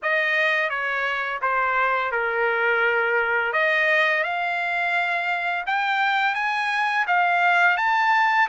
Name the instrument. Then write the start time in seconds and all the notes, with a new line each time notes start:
trumpet
0.02 D#5
0.69 C#5
1.41 C5
2.11 A#4
3.53 D#5
4.23 F5
5.66 G5
6.35 G#5
7.07 F5
7.77 A5